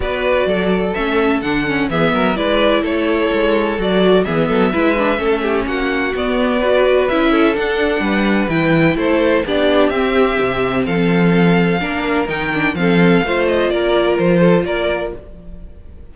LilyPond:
<<
  \new Staff \with { instrumentName = "violin" } { \time 4/4 \tempo 4 = 127 d''2 e''4 fis''4 | e''4 d''4 cis''2 | d''4 e''2. | fis''4 d''2 e''4 |
fis''2 g''4 c''4 | d''4 e''2 f''4~ | f''2 g''4 f''4~ | f''8 dis''8 d''4 c''4 d''4 | }
  \new Staff \with { instrumentName = "violin" } { \time 4/4 b'4 a'2. | gis'8 ais'8 b'4 a'2~ | a'4 gis'8 a'8 b'4 a'8 g'8 | fis'2 b'4. a'8~ |
a'4 b'2 a'4 | g'2. a'4~ | a'4 ais'2 a'4 | c''4 ais'4. a'8 ais'4 | }
  \new Staff \with { instrumentName = "viola" } { \time 4/4 fis'2 cis'4 d'8 cis'8 | b4 e'2. | fis'4 b4 e'8 d'8 cis'4~ | cis'4 b4 fis'4 e'4 |
d'2 e'2 | d'4 c'2.~ | c'4 d'4 dis'8 d'8 c'4 | f'1 | }
  \new Staff \with { instrumentName = "cello" } { \time 4/4 b4 fis4 a4 d4 | e8 fis8 gis4 a4 gis4 | fis4 e8 fis8 gis4 a4 | ais4 b2 cis'4 |
d'4 g4 e4 a4 | b4 c'4 c4 f4~ | f4 ais4 dis4 f4 | a4 ais4 f4 ais4 | }
>>